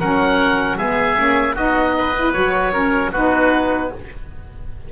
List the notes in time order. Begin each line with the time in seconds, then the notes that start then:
0.00 F#3 C#4 A#4 F#5
0.78 G#3 B3 G#4 E5
1.16 A#3 C#4
1.55 B3 D#4 F#4 D#5
1.98 B4
2.16 E4
2.33 F#3 F#4 C#5
2.73 C#4 A#4
3.12 B3 D#4 F#4 B4